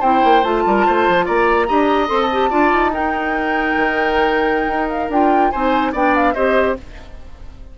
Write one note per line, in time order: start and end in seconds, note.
0.00 0.23 C4
0.00 0.43 E4
0.00 0.62 C5
0.00 0.43 G5
0.24 0.43 A#3
0.43 0.64 A3
0.43 1.67 F4
0.43 1.26 A5
0.66 0.86 G3
0.66 0.86 A#4
0.86 1.08 A3
0.86 1.25 C5
1.08 1.28 F3
1.25 1.70 A#3
1.25 1.67 D5
1.25 2.08 A#5
1.67 2.10 D4
1.67 2.07 G4
1.67 2.50 D#5
2.07 2.51 C4
2.07 2.28 A4
2.07 2.19 C6
2.22 2.93 A5
2.32 2.50 G4
2.50 2.72 D4
2.50 2.91 F4
2.50 2.91 D5
2.72 3.76 D#4
2.93 5.10 D#4
2.93 5.51 A#4
2.93 4.89 G5
3.77 4.67 D#3
4.67 5.09 D#4
4.89 5.10 F5
5.09 5.51 D4
5.09 5.53 F4
5.09 5.51 G5
5.51 5.93 C4
5.51 5.94 D#4
5.51 5.92 C5
5.51 5.92 G#5
5.92 6.35 B3
5.92 6.35 D4
5.92 6.34 D5
5.92 6.15 G5
6.15 6.34 F5
6.34 6.78 C4
6.34 6.76 G4
6.34 6.76 C5
6.34 6.76 D#5